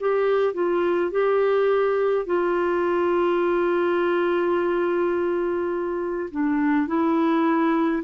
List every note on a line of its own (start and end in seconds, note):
0.00 0.53 G4
0.53 1.11 F4
1.12 2.26 G4
2.26 6.30 F4
6.31 6.88 D4
6.88 8.03 E4